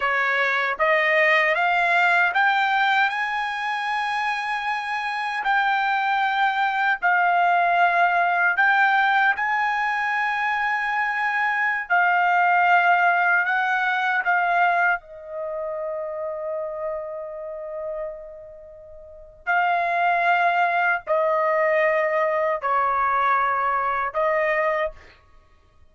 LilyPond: \new Staff \with { instrumentName = "trumpet" } { \time 4/4 \tempo 4 = 77 cis''4 dis''4 f''4 g''4 | gis''2. g''4~ | g''4 f''2 g''4 | gis''2.~ gis''16 f''8.~ |
f''4~ f''16 fis''4 f''4 dis''8.~ | dis''1~ | dis''4 f''2 dis''4~ | dis''4 cis''2 dis''4 | }